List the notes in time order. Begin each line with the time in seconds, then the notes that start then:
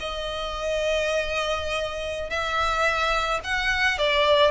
0.00 D#5
2.30 E5
3.44 F#5
3.98 D5